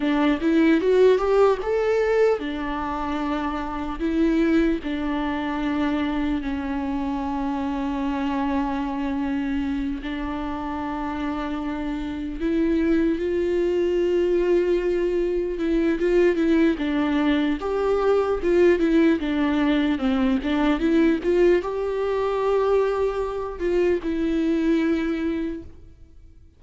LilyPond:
\new Staff \with { instrumentName = "viola" } { \time 4/4 \tempo 4 = 75 d'8 e'8 fis'8 g'8 a'4 d'4~ | d'4 e'4 d'2 | cis'1~ | cis'8 d'2. e'8~ |
e'8 f'2. e'8 | f'8 e'8 d'4 g'4 f'8 e'8 | d'4 c'8 d'8 e'8 f'8 g'4~ | g'4. f'8 e'2 | }